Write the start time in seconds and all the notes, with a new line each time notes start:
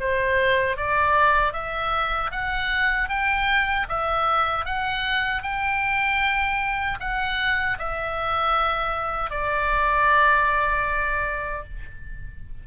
0.00 C5
0.77 D5
1.53 E5
2.31 F#5
3.09 G5
3.89 E5
4.65 F#5
5.43 G5
7.00 F#5
7.79 E5
9.30 D5